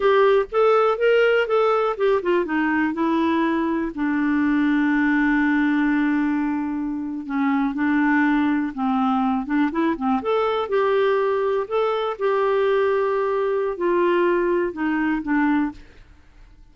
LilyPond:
\new Staff \with { instrumentName = "clarinet" } { \time 4/4 \tempo 4 = 122 g'4 a'4 ais'4 a'4 | g'8 f'8 dis'4 e'2 | d'1~ | d'2~ d'8. cis'4 d'16~ |
d'4.~ d'16 c'4. d'8 e'16~ | e'16 c'8 a'4 g'2 a'16~ | a'8. g'2.~ g'16 | f'2 dis'4 d'4 | }